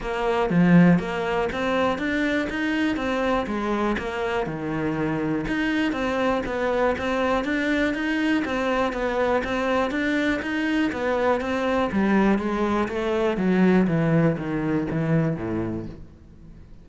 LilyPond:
\new Staff \with { instrumentName = "cello" } { \time 4/4 \tempo 4 = 121 ais4 f4 ais4 c'4 | d'4 dis'4 c'4 gis4 | ais4 dis2 dis'4 | c'4 b4 c'4 d'4 |
dis'4 c'4 b4 c'4 | d'4 dis'4 b4 c'4 | g4 gis4 a4 fis4 | e4 dis4 e4 a,4 | }